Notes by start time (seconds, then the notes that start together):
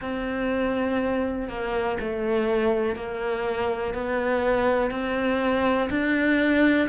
0.01 C4
1.48 A#3
1.99 A3
2.95 A#3
3.93 B3
4.90 C4
5.90 D4